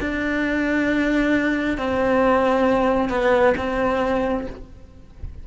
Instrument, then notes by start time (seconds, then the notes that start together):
cello
0.00 D4
1.78 C4
3.09 B3
3.57 C4